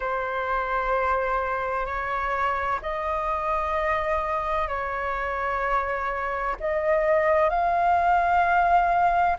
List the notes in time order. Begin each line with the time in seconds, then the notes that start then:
0.00 C5
1.85 C#5
2.82 D#5
4.67 C#5
6.60 D#5
7.49 F5